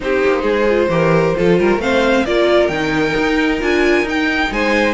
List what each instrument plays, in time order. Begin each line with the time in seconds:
0.00 cello C4, viola D#4, violin G4 C5
0.25 cello A#3
0.42 cello G#3, violin G#4
0.69 viola F4
0.88 cello E3, viola G4, violin A#4
1.35 cello F3, viola F4, violin A4
1.59 cello G3, violin A#4
1.77 cello A3, viola C4, violin C5 F5
2.25 cello A#3, viola F4, violin A#4 D5
2.68 cello D#3, viola D#4, violin G5
3.17 cello D#4
3.60 cello D4, viola F4, violin G#5
4.02 cello D#4, viola D#4
4.09 violin G5
4.51 cello G#3, violin C5 G#5